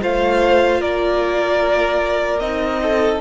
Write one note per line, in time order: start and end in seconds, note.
0.00 0.80 A3
0.00 2.40 F4
0.00 0.81 C5
0.00 0.81 F5
0.80 2.40 A#3
0.80 2.81 A#4
0.80 2.39 D5
2.39 3.20 C4
2.39 3.21 D#4
2.39 3.19 D#5
2.82 3.21 A4